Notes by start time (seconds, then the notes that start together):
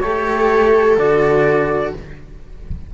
0.00 A3 G4 A4 C#5
0.97 D3 F#4 D5